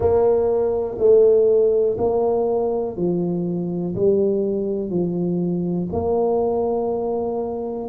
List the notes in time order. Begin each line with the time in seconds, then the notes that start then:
0.00 A#3
0.98 A3
1.98 A#3
2.96 F3
3.95 G3
4.90 F3
5.92 A#3